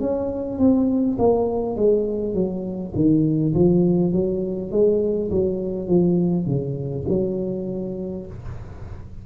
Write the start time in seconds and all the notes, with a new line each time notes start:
0.00 C#4
0.58 C4
1.18 A#3
1.76 G#3
2.34 F#3
2.95 D#3
3.55 F3
4.12 F#3
4.71 G#3
5.31 F#3
5.88 F3
6.46 C#3
7.09 F#3